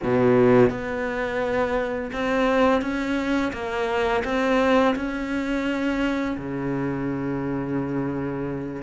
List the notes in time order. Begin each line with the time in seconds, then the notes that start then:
0.03 B2
0.69 B3
2.12 C4
2.81 C#4
3.52 A#3
4.24 C4
4.95 C#4
6.37 C#3